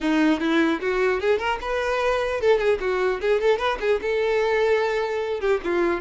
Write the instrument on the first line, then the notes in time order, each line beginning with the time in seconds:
violin
0.01 D#4
0.40 E4
0.81 F#4
1.20 G#4
1.39 A#4
1.61 B4
2.41 A4
2.58 G#4
2.80 F#4
3.20 G#4
3.40 A4
3.58 B4
3.80 G#4
4.01 A4
5.40 G4
5.64 F4